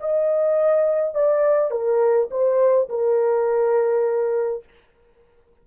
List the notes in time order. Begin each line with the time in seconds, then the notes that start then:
0.00 D#5
1.14 D5
1.71 A#4
2.31 C5
2.89 A#4